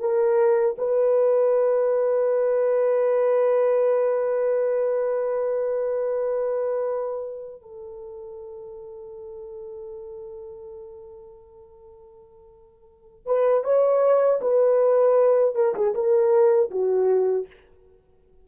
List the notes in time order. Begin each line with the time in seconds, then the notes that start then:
0.00 A#4
0.78 B4
7.62 A4
13.26 B4
13.64 C#5
14.41 B4
15.55 A#4
15.75 G#4
15.95 A#4
16.71 F#4